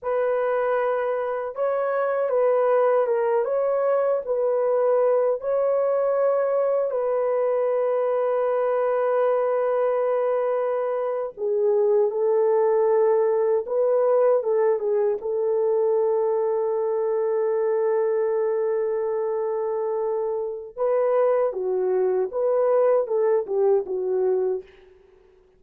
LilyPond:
\new Staff \with { instrumentName = "horn" } { \time 4/4 \tempo 4 = 78 b'2 cis''4 b'4 | ais'8 cis''4 b'4. cis''4~ | cis''4 b'2.~ | b'2~ b'8. gis'4 a'16~ |
a'4.~ a'16 b'4 a'8 gis'8 a'16~ | a'1~ | a'2. b'4 | fis'4 b'4 a'8 g'8 fis'4 | }